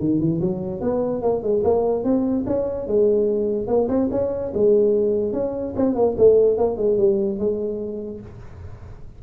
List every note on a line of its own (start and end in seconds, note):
0.00 0.20 D#3
0.20 0.41 E3
0.41 0.81 F#3
0.81 1.23 B3
1.23 1.43 A#3
1.43 1.64 G#3
1.65 2.04 A#3
2.04 2.45 C4
2.47 2.88 C#4
2.88 3.68 G#3
3.68 3.88 A#3
3.89 4.09 C4
4.12 4.53 C#4
4.54 5.33 G#3
5.33 5.74 C#4
5.77 5.96 C4
5.96 6.16 A#3
6.18 6.58 A3
6.58 6.78 A#3
6.78 6.98 G#3
6.98 7.39 G3
7.39 8.21 G#3